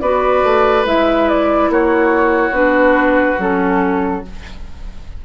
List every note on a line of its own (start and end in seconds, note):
0.00 0.42 B3
0.00 0.85 F#4
0.00 1.70 B4
0.00 0.85 D5
0.43 0.85 A3
0.85 1.68 G#3
0.85 2.53 E4
0.85 1.28 E5
1.28 1.71 D5
1.68 2.50 A#3
1.68 4.24 F#4
1.68 2.55 C#5
2.50 3.34 B3
2.50 3.37 D4
2.50 3.39 B4
3.37 4.23 F#3
3.37 4.22 C#4
3.37 4.24 A4